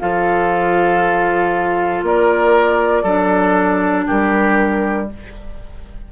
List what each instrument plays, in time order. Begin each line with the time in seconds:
0.00 bassoon F3, clarinet F4, oboe A4, flute F5
2.03 bassoon A#3, oboe A#4, flute D5
3.03 bassoon F#3, clarinet D4, oboe A4
4.07 bassoon G3, oboe G4, flute A#4